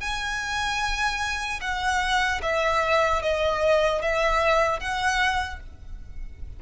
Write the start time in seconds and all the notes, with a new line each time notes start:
0.00 G#5
1.61 F#5
2.42 E5
3.22 D#5
4.01 E5
4.80 F#5